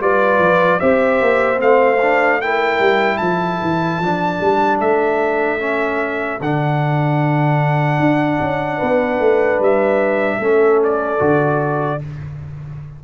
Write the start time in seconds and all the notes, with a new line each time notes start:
0.00 G3 F4 B4 D5
0.39 F3
0.80 C4 G4 C5 E5
1.22 A#3
1.56 A3 C4 F5
2.02 D4
2.41 E4 A#4 G5
2.80 G3
3.17 F3 A4 A5
3.61 E3
4.00 F3 D4
4.41 G3
4.80 A3 E5
5.59 C#4
6.40 D3 D4 F#5
8.00 D4
8.41 C#4
8.77 B3 B4
9.20 A3
9.60 G3 E5
10.39 A3 C#4 A4
10.84 D5
11.19 D3 F#4